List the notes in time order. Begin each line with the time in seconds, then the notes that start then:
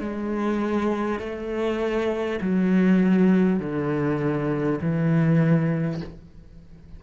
0.00 G#3
1.19 A3
2.41 F#3
3.59 D3
4.81 E3